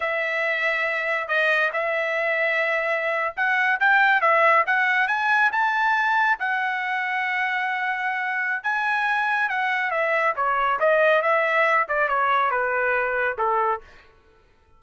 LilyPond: \new Staff \with { instrumentName = "trumpet" } { \time 4/4 \tempo 4 = 139 e''2. dis''4 | e''2.~ e''8. fis''16~ | fis''8. g''4 e''4 fis''4 gis''16~ | gis''8. a''2 fis''4~ fis''16~ |
fis''1 | gis''2 fis''4 e''4 | cis''4 dis''4 e''4. d''8 | cis''4 b'2 a'4 | }